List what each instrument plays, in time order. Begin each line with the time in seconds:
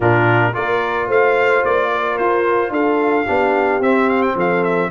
0.00 tuba A#2, trombone D4, horn F4, trumpet A#4
0.53 tuba A#3, trombone F4, horn A#4, trumpet D5
1.07 tuba A3, horn C5, trumpet F5
1.64 tuba A#3, trumpet D5
1.91 horn A#4
2.17 tuba F4, trumpet C5
2.70 tuba D4, horn A4, trumpet F5
3.25 tuba B3, trombone D4, horn G4
3.79 tuba C4, trombone C4, trumpet E5
4.09 trumpet F5
4.22 trumpet G5
4.35 tuba F3, horn A4, trumpet F5
4.63 trumpet E5